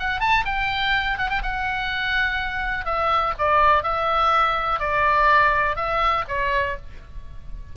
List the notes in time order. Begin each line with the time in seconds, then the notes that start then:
0.00 F#5
0.21 A5
0.46 G5
1.18 F#5
1.30 G5
1.43 F#5
2.86 E5
3.39 D5
3.84 E5
4.80 D5
5.77 E5
6.29 C#5